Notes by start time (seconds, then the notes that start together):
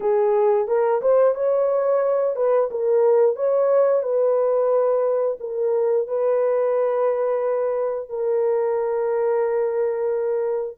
0.00 G#4
0.67 A#4
1.01 C5
1.35 C#5
2.36 B4
2.70 A#4
3.36 C#5
4.03 B4
5.40 A#4
6.07 B4
8.09 A#4